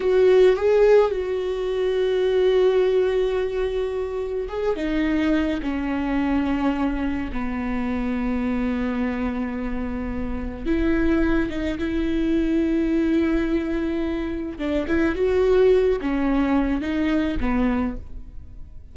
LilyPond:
\new Staff \with { instrumentName = "viola" } { \time 4/4 \tempo 4 = 107 fis'4 gis'4 fis'2~ | fis'1 | gis'8 dis'4. cis'2~ | cis'4 b2.~ |
b2. e'4~ | e'8 dis'8 e'2.~ | e'2 d'8 e'8 fis'4~ | fis'8 cis'4. dis'4 b4 | }